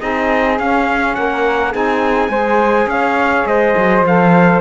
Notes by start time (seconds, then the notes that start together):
0.00 C4 D#4 G#4 D#5
0.59 C#4 F5
1.15 A#3 A#4 F#5
1.72 C4 D#4 G#4 G#5
2.29 G#3 G#4 C5
2.87 C#4 C#5 F5
3.46 G#3 C5 D#5
3.77 F#3
4.03 F3 A4 F5